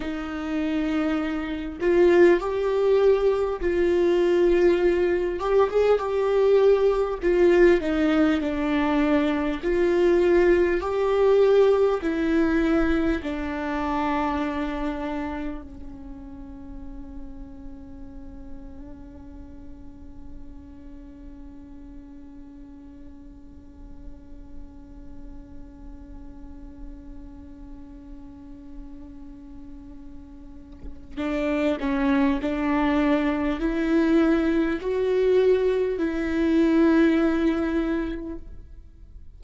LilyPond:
\new Staff \with { instrumentName = "viola" } { \time 4/4 \tempo 4 = 50 dis'4. f'8 g'4 f'4~ | f'8 g'16 gis'16 g'4 f'8 dis'8 d'4 | f'4 g'4 e'4 d'4~ | d'4 cis'2.~ |
cis'1~ | cis'1~ | cis'2 d'8 cis'8 d'4 | e'4 fis'4 e'2 | }